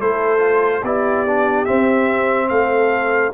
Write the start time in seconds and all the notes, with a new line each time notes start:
0.00 A3 E4 A4 C5
0.39 F4
0.81 B3 E4 G4 D5
1.27 D4
1.65 C4 E5
2.49 A3 A4 F5